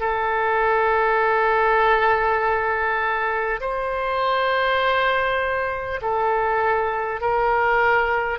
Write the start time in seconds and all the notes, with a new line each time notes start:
0.00 A4
3.61 C5
6.02 A4
7.21 A#4